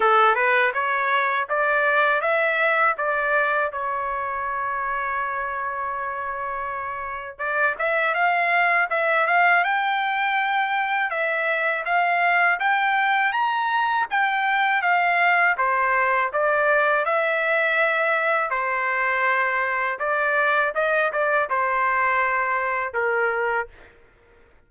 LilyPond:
\new Staff \with { instrumentName = "trumpet" } { \time 4/4 \tempo 4 = 81 a'8 b'8 cis''4 d''4 e''4 | d''4 cis''2.~ | cis''2 d''8 e''8 f''4 | e''8 f''8 g''2 e''4 |
f''4 g''4 ais''4 g''4 | f''4 c''4 d''4 e''4~ | e''4 c''2 d''4 | dis''8 d''8 c''2 ais'4 | }